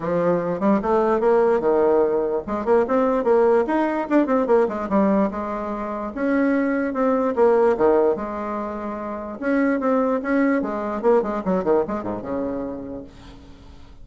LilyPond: \new Staff \with { instrumentName = "bassoon" } { \time 4/4 \tempo 4 = 147 f4. g8 a4 ais4 | dis2 gis8 ais8 c'4 | ais4 dis'4 d'8 c'8 ais8 gis8 | g4 gis2 cis'4~ |
cis'4 c'4 ais4 dis4 | gis2. cis'4 | c'4 cis'4 gis4 ais8 gis8 | fis8 dis8 gis8 gis,8 cis2 | }